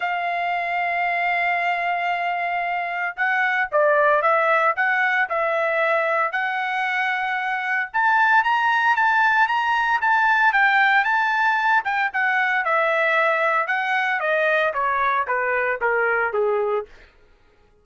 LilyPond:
\new Staff \with { instrumentName = "trumpet" } { \time 4/4 \tempo 4 = 114 f''1~ | f''2 fis''4 d''4 | e''4 fis''4 e''2 | fis''2. a''4 |
ais''4 a''4 ais''4 a''4 | g''4 a''4. g''8 fis''4 | e''2 fis''4 dis''4 | cis''4 b'4 ais'4 gis'4 | }